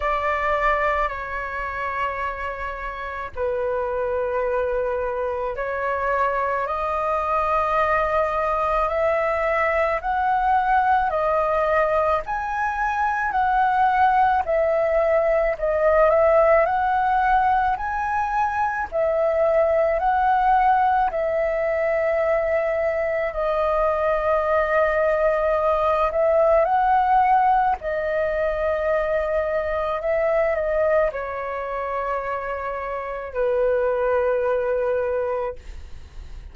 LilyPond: \new Staff \with { instrumentName = "flute" } { \time 4/4 \tempo 4 = 54 d''4 cis''2 b'4~ | b'4 cis''4 dis''2 | e''4 fis''4 dis''4 gis''4 | fis''4 e''4 dis''8 e''8 fis''4 |
gis''4 e''4 fis''4 e''4~ | e''4 dis''2~ dis''8 e''8 | fis''4 dis''2 e''8 dis''8 | cis''2 b'2 | }